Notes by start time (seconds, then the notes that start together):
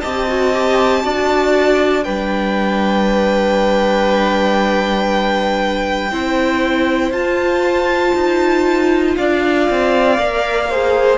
0.00 C4 G4 D#5 A5
0.28 F#4
0.53 G4
1.01 D4 F#4 D5
2.03 G3 D4 B4 G5
6.11 C4 E4 C5
7.11 F4 A5
8.15 D#4
9.16 D4 D5 F5
9.70 C4
10.18 A#3 A#4
10.70 G#4 C5